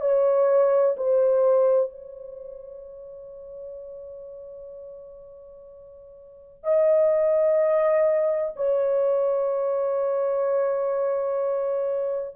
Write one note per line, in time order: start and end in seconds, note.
0.00 0.95 C#5
0.97 1.90 C5
1.90 6.63 C#5
6.63 8.54 D#5
8.56 12.35 C#5